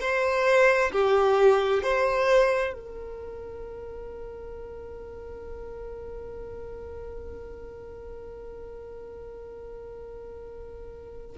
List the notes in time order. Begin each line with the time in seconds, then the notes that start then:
0.00 C5
0.91 G4
1.83 C5
2.73 A#4